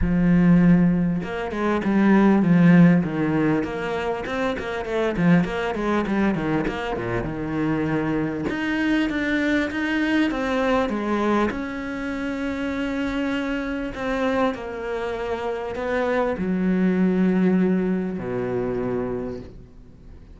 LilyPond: \new Staff \with { instrumentName = "cello" } { \time 4/4 \tempo 4 = 99 f2 ais8 gis8 g4 | f4 dis4 ais4 c'8 ais8 | a8 f8 ais8 gis8 g8 dis8 ais8 ais,8 | dis2 dis'4 d'4 |
dis'4 c'4 gis4 cis'4~ | cis'2. c'4 | ais2 b4 fis4~ | fis2 b,2 | }